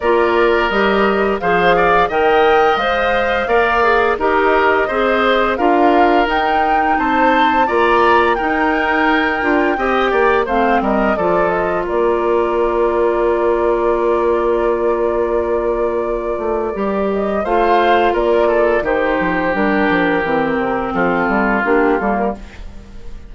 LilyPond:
<<
  \new Staff \with { instrumentName = "flute" } { \time 4/4 \tempo 4 = 86 d''4 dis''4 f''4 g''4 | f''2 dis''2 | f''4 g''4 a''4 ais''4 | g''2. f''8 dis''8 |
d''8 dis''8 d''2.~ | d''1~ | d''8 dis''8 f''4 d''4 c''4 | ais'2 a'4 g'8 a'16 ais'16 | }
  \new Staff \with { instrumentName = "oboe" } { \time 4/4 ais'2 c''8 d''8 dis''4~ | dis''4 d''4 ais'4 c''4 | ais'2 c''4 d''4 | ais'2 dis''8 d''8 c''8 ais'8 |
a'4 ais'2.~ | ais'1~ | ais'4 c''4 ais'8 a'8 g'4~ | g'2 f'2 | }
  \new Staff \with { instrumentName = "clarinet" } { \time 4/4 f'4 g'4 gis'4 ais'4 | c''4 ais'8 gis'8 g'4 gis'4 | f'4 dis'2 f'4 | dis'4. f'8 g'4 c'4 |
f'1~ | f'1 | g'4 f'2 dis'4 | d'4 c'2 d'8 ais8 | }
  \new Staff \with { instrumentName = "bassoon" } { \time 4/4 ais4 g4 f4 dis4 | gis4 ais4 dis'4 c'4 | d'4 dis'4 c'4 ais4 | dis'4. d'8 c'8 ais8 a8 g8 |
f4 ais2.~ | ais2.~ ais8 a8 | g4 a4 ais4 dis8 f8 | g8 f8 e8 c8 f8 g8 ais8 g8 | }
>>